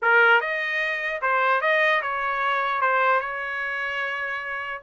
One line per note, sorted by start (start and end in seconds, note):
0.01 0.40 A#4
0.40 1.21 D#5
1.21 1.61 C5
1.61 2.01 D#5
2.02 2.81 C#5
2.81 3.20 C5
3.20 4.81 C#5